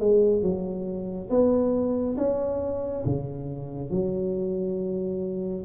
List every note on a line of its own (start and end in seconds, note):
0.00 0.43 G#3
0.43 1.30 F#3
1.30 2.17 B3
2.18 3.05 C#4
3.06 3.91 C#3
3.91 5.65 F#3